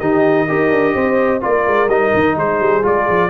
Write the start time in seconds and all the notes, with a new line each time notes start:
0.00 D#3 D#4 G4 D#5
0.48 D#4 G4 A#4
0.71 D4
0.95 C4 C5
1.41 A#3 F4 A#4 D5
1.67 G#3
1.88 G3 D#4 D#5
2.14 D#3
2.37 G#3 G#4 C5
2.60 G3
2.83 G#3 F4 D5
3.08 F3